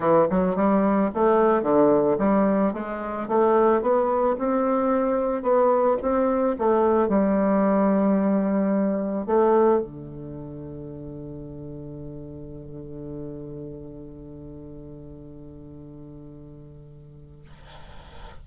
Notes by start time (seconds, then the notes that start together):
0.00 E3
0.30 F#3
0.55 G3
1.14 A3
1.62 D3
2.18 G3
2.73 G#3
3.28 A3
3.81 B3
4.38 C4
5.42 B3
6.01 C4
6.58 A3
7.08 G3
9.26 A3
9.81 D3